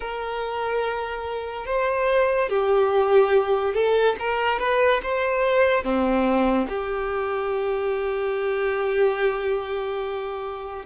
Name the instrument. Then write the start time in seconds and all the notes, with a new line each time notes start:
violin
0.00 A#4
1.66 C5
2.49 G4
3.73 A4
4.19 A#4
4.59 B4
5.02 C5
5.84 C4
6.69 G4